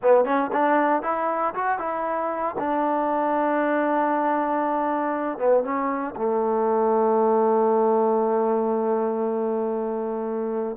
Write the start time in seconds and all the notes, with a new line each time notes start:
0.02 B3
0.24 C#4
0.52 D4
1.02 E4
1.54 F#4
1.78 E4
2.58 D4
5.38 B3
5.63 C#4
6.15 A3